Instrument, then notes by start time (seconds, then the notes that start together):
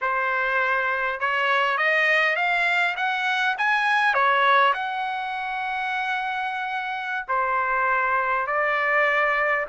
trumpet
0.01 C5
1.19 C#5
1.77 D#5
2.35 F5
2.96 F#5
3.58 G#5
4.13 C#5
4.73 F#5
7.27 C5
8.47 D5